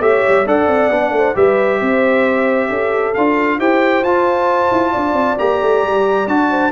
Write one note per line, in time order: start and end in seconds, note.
0.00 0.22 A3
0.00 0.46 G4
0.00 0.46 C#5
0.00 0.47 E5
0.28 0.46 G3
0.46 0.68 D4
0.46 0.91 A4
0.46 1.13 D5
0.46 1.37 F#5
0.68 0.90 C4
0.90 1.11 B3
0.90 1.35 D4
1.11 1.33 A3
1.17 1.36 C5
1.35 1.81 G3
1.35 3.14 G4
1.35 1.80 B4
1.35 3.15 E5
1.80 2.70 C4
1.80 2.69 C5
2.69 3.14 C#4
2.69 3.58 A4
3.15 3.59 D4
3.15 3.60 F4
3.15 3.59 F5
3.58 4.04 E4
3.58 4.05 G4
3.58 4.93 C5
3.58 4.04 G5
4.04 4.71 F4
4.04 5.38 F4
4.04 5.39 A5
4.72 4.94 E4
4.93 5.13 D4
4.93 6.49 D5
5.13 5.36 C4
5.38 5.62 A#3
5.38 6.28 G4
5.38 6.28 A#5
5.62 5.83 A3
5.83 6.27 G3
6.27 6.72 D4
6.27 6.72 F#4
6.27 6.72 A5
6.51 6.72 C5